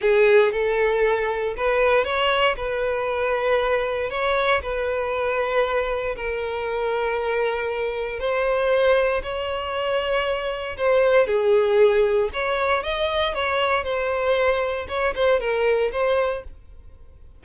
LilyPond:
\new Staff \with { instrumentName = "violin" } { \time 4/4 \tempo 4 = 117 gis'4 a'2 b'4 | cis''4 b'2. | cis''4 b'2. | ais'1 |
c''2 cis''2~ | cis''4 c''4 gis'2 | cis''4 dis''4 cis''4 c''4~ | c''4 cis''8 c''8 ais'4 c''4 | }